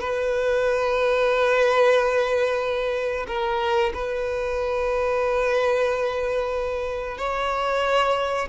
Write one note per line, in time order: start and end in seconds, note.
0.00 3.26 B4
3.28 3.93 A#4
3.94 7.18 B4
7.18 8.48 C#5